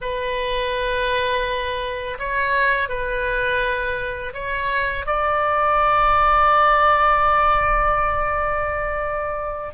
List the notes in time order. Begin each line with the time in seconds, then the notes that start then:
0.01 B4
2.19 C#5
2.88 B4
4.33 C#5
5.06 D5